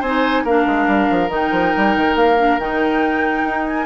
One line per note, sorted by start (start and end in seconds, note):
0.00 0.44 C4
0.00 0.47 D#4
0.00 0.43 C5
0.00 0.45 G#5
0.44 0.65 A#3
0.44 1.29 D4
0.44 3.85 A#4
0.44 1.31 F5
0.66 0.87 G#3
0.87 1.08 G3
1.10 1.28 F3
1.28 1.50 D#3
1.28 2.36 D#4
1.34 2.16 G5
1.51 1.72 F3
1.77 1.96 G3
1.96 2.15 D#3
2.15 2.58 A#3
2.15 2.59 F5
2.38 2.59 D4
2.58 3.43 D#3
2.58 3.85 D#4
2.58 3.66 G5
3.43 3.85 D#4
3.67 3.85 G#5